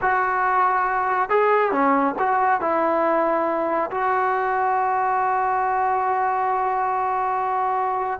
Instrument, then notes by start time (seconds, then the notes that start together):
trombone
0.01 F#4
1.29 G#4
1.71 C#4
2.18 F#4
2.60 E4
3.90 F#4